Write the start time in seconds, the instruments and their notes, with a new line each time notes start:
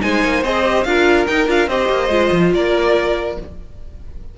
0.00 cello G#3, viola D#4, violin C5 G#5
0.24 cello A#3
0.43 cello C4, viola G#4, violin D#5
0.65 viola G4
0.84 cello D4, viola F4, violin A#4 F5
1.27 cello D#4, viola D#4, violin G5
1.47 cello D4, viola F4, violin F5
1.68 cello C4, viola G4, violin C5 D#5
1.89 cello A#3
2.09 cello G#3, viola F4
2.32 cello F3
2.53 cello A#3, violin A#4 D5